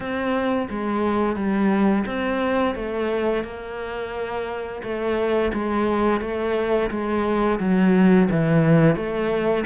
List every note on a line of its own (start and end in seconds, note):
0.00 0.68 C4
0.70 1.35 G#3
1.35 2.04 G3
2.06 2.75 C4
2.75 3.44 A3
3.44 4.82 A#3
4.83 5.52 A3
5.53 6.21 G#3
6.21 6.90 A3
6.90 7.59 G#3
7.59 8.28 F#3
8.30 8.96 E3
8.96 9.65 A3